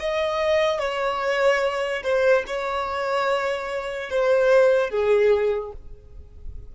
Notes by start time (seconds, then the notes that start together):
0.00 D#5
0.80 C#5
2.04 C5
2.47 C#5
4.10 C5
4.91 G#4